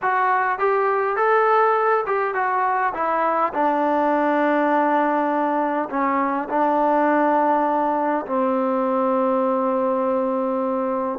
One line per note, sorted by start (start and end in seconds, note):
0.02 0.58 F#4
0.58 1.16 G4
1.16 2.04 A4
2.06 2.34 G4
2.34 2.93 F#4
2.94 3.52 E4
3.53 5.89 D4
5.89 6.48 C#4
6.49 8.25 D4
8.26 11.19 C4